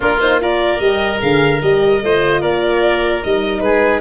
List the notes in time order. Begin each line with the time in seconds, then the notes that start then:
0.00 A#3 D4 F4 A#4
0.20 D#4 C5
0.40 F4 A#4 D5
0.80 G3 G4 D#5
1.19 D3 G#4 F5
1.62 G3 G4 D#5
2.02 A3 F4 C5
2.41 A#3 A#4 D5
3.23 G3 D#4 D#5
3.60 G#3 G#4 B4